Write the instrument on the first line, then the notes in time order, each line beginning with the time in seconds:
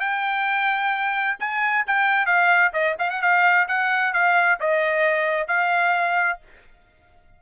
trumpet
0.00 G5
1.40 G#5
1.87 G5
2.26 F5
2.73 D#5
2.99 F5
3.10 F#5
3.22 F5
3.68 F#5
4.13 F5
4.60 D#5
5.48 F5